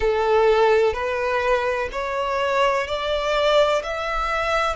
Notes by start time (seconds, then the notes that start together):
0.00 A4
0.93 B4
1.92 C#5
2.87 D5
3.83 E5